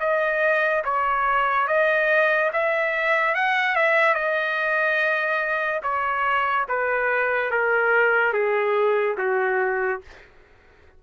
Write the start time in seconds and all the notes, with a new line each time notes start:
0.00 D#5
0.84 C#5
1.68 D#5
2.53 E5
3.35 F#5
3.76 E5
4.14 D#5
5.83 C#5
6.69 B4
7.51 A#4
8.33 G#4
9.18 F#4